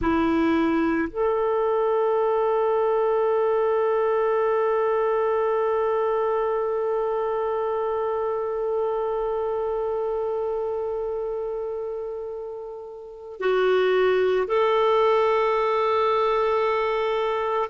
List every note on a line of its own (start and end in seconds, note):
0.00 1.08 E4
1.10 13.39 A4
13.39 14.46 F#4
14.47 17.69 A4